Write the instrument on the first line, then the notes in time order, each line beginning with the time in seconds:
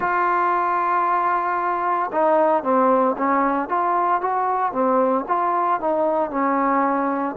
trombone
0.00 F4
2.11 D#4
2.63 C4
3.17 C#4
3.68 F4
4.21 F#4
4.72 C4
5.27 F4
5.80 D#4
6.30 C#4